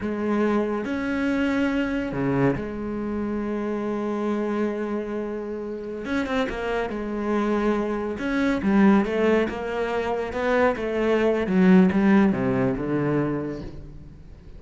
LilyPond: \new Staff \with { instrumentName = "cello" } { \time 4/4 \tempo 4 = 141 gis2 cis'2~ | cis'4 cis4 gis2~ | gis1~ | gis2~ gis16 cis'8 c'8 ais8.~ |
ais16 gis2. cis'8.~ | cis'16 g4 a4 ais4.~ ais16~ | ais16 b4 a4.~ a16 fis4 | g4 c4 d2 | }